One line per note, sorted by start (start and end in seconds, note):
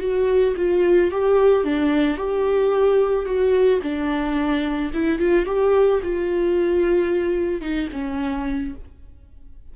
0.00 0.55 F#4
0.57 1.11 F4
1.11 1.64 G4
1.64 2.17 D4
2.17 3.26 G4
3.26 3.80 F#4
3.82 4.91 D4
4.93 5.18 E4
5.18 5.46 F4
5.46 6.00 G4
6.02 7.61 F4
7.61 7.88 D#4
7.92 8.74 C#4